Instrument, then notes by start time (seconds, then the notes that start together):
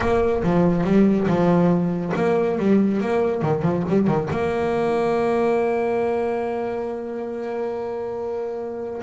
double bass
0.00 A#3
0.43 F3
0.84 G3
1.27 F3
2.15 A#3
2.58 G3
3.00 A#3
3.41 D#3
3.62 F3
3.88 G3
4.07 D#3
4.30 A#3